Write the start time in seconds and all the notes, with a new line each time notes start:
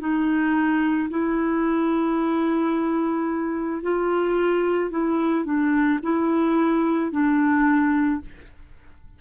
0.00 D#4
1.10 E4
3.83 F4
4.90 E4
5.45 D4
6.03 E4
7.12 D4